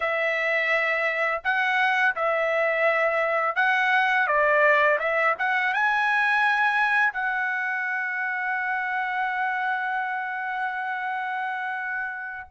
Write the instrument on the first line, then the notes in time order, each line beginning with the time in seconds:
trumpet
0.00 E5
1.44 F#5
2.15 E5
3.55 F#5
4.27 D5
4.99 E5
5.38 F#5
5.73 G#5
7.12 F#5